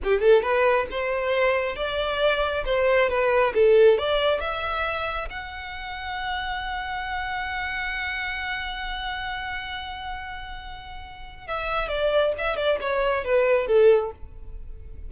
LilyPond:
\new Staff \with { instrumentName = "violin" } { \time 4/4 \tempo 4 = 136 g'8 a'8 b'4 c''2 | d''2 c''4 b'4 | a'4 d''4 e''2 | fis''1~ |
fis''1~ | fis''1~ | fis''2 e''4 d''4 | e''8 d''8 cis''4 b'4 a'4 | }